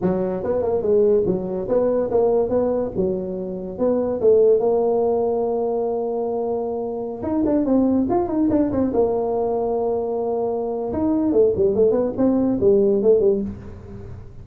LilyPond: \new Staff \with { instrumentName = "tuba" } { \time 4/4 \tempo 4 = 143 fis4 b8 ais8 gis4 fis4 | b4 ais4 b4 fis4~ | fis4 b4 a4 ais4~ | ais1~ |
ais4~ ais16 dis'8 d'8 c'4 f'8 dis'16~ | dis'16 d'8 c'8 ais2~ ais8.~ | ais2 dis'4 a8 g8 | a8 b8 c'4 g4 a8 g8 | }